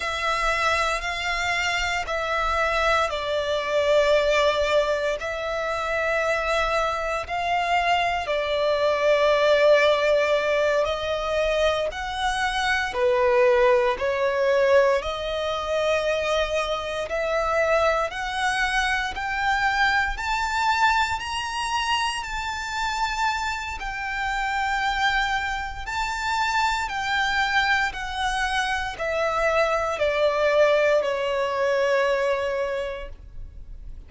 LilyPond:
\new Staff \with { instrumentName = "violin" } { \time 4/4 \tempo 4 = 58 e''4 f''4 e''4 d''4~ | d''4 e''2 f''4 | d''2~ d''8 dis''4 fis''8~ | fis''8 b'4 cis''4 dis''4.~ |
dis''8 e''4 fis''4 g''4 a''8~ | a''8 ais''4 a''4. g''4~ | g''4 a''4 g''4 fis''4 | e''4 d''4 cis''2 | }